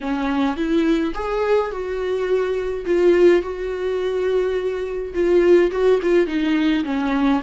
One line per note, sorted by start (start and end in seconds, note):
0.00 0.56 C#4
0.56 1.13 E4
1.14 1.71 G#4
1.71 2.85 F#4
2.85 3.42 F4
3.42 5.13 F#4
5.14 5.71 F4
5.71 5.99 F#4
6.02 6.26 F4
6.26 6.84 D#4
6.84 7.41 C#4